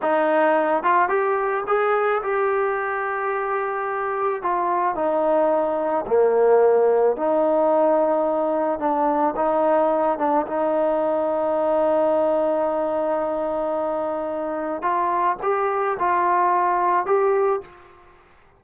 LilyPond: \new Staff \with { instrumentName = "trombone" } { \time 4/4 \tempo 4 = 109 dis'4. f'8 g'4 gis'4 | g'1 | f'4 dis'2 ais4~ | ais4 dis'2. |
d'4 dis'4. d'8 dis'4~ | dis'1~ | dis'2. f'4 | g'4 f'2 g'4 | }